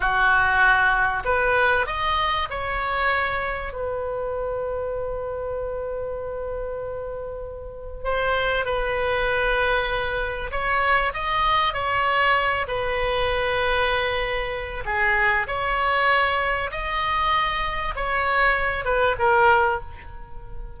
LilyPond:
\new Staff \with { instrumentName = "oboe" } { \time 4/4 \tempo 4 = 97 fis'2 b'4 dis''4 | cis''2 b'2~ | b'1~ | b'4 c''4 b'2~ |
b'4 cis''4 dis''4 cis''4~ | cis''8 b'2.~ b'8 | gis'4 cis''2 dis''4~ | dis''4 cis''4. b'8 ais'4 | }